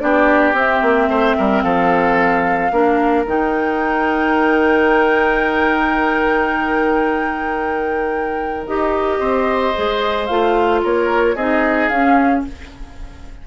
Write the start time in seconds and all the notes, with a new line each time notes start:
0.00 B3 D4 G4 D5
0.53 C4 E5
0.82 A#3
1.08 A3 C5
1.38 G3 A#4
1.62 F3 A4 F5
2.71 A#3 D4 A#4
3.26 D#3 D#4 G5
8.67 D#4 G4 D#5
9.19 C4 C5
9.75 G#3 G#4
10.26 A3 F4 F5
10.83 A#3 A#4 C#5
11.35 C4 D#4 G#4 D#5
11.88 C#4 F5